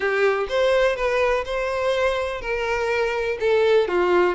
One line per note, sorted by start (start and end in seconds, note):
0.00 0.47 G4
0.48 0.96 C5
0.96 1.44 B4
1.45 2.41 C5
2.41 3.38 A#4
3.40 3.88 A4
3.88 4.35 F4